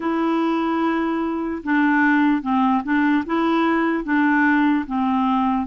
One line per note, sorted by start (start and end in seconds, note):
0.00 1.62 E4
1.63 2.42 D4
2.42 2.82 C4
2.83 3.24 D4
3.25 4.04 E4
4.04 4.85 D4
4.86 5.66 C4